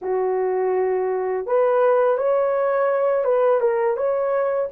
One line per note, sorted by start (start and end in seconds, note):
0.01 1.46 F#4
1.46 2.17 B4
2.17 3.24 C#5
3.24 3.60 B4
3.60 3.96 A#4
3.97 4.69 C#5